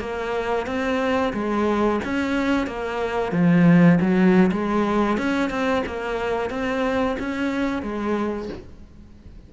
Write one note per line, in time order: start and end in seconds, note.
0.00 0.66 A#3
0.66 1.33 C4
1.33 2.00 G#3
2.04 2.67 C#4
2.67 3.32 A#3
3.32 3.99 F3
4.01 4.51 F#3
4.52 5.18 G#3
5.18 5.50 C#4
5.50 5.83 C4
5.87 6.50 A#3
6.50 7.17 C4
7.19 7.82 C#4
7.82 8.49 G#3